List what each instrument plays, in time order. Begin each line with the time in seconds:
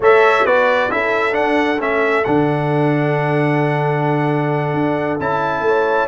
0.00 tuba A3, trombone A4, horn C#5, trumpet E5
0.45 tuba B3, trombone F#4, horn B4, trumpet D5
0.90 tuba C#4, trombone E4, horn A4, trumpet E5
1.31 trombone D4, tuba D4, trumpet F#5
1.79 tuba A3, trombone C#4, trumpet E5
2.24 tuba D3, trombone D4, trumpet F#5
4.73 tuba D4
5.20 tuba C#4, trombone E4, trumpet A5
5.60 tuba A3
5.66 horn C#5